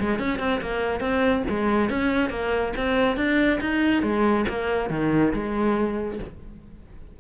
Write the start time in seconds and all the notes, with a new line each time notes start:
0.00 G#3
0.19 C#4
0.40 C4
0.62 A#3
1.01 C4
1.50 G#3
1.90 C#4
2.30 A#3
2.77 C4
3.17 D4
3.61 D#4
4.03 G#3
4.49 A#3
4.90 D#3
5.33 G#3